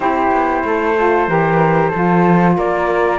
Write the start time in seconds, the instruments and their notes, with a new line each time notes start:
0.00 cello C4, saxophone E4, flute G4, trumpet C5
0.31 cello B3
0.64 cello A3, flute A4
0.97 saxophone F4
1.27 cello E3, saxophone G4, flute A#4
1.89 saxophone F4, flute A4
1.95 cello F3
2.56 cello A#3, flute A#4, trumpet D5